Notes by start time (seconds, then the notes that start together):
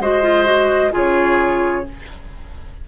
0.00 G#3 F#4 C5 D#5
0.23 F4
0.45 F#4
0.92 C#3 F4 G#4 C#5